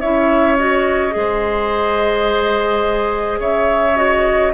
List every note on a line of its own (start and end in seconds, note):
0.00 1.15 C#4
0.00 0.58 E4
0.00 1.13 C#5
0.00 0.57 E5
0.57 1.10 F#4
0.57 3.40 D#5
1.10 3.40 G#3
1.10 3.93 G#4
1.19 3.40 C5
3.40 4.53 C#3
3.40 4.53 C#5
3.40 3.97 E5
3.96 4.52 F#4
3.96 4.54 D#5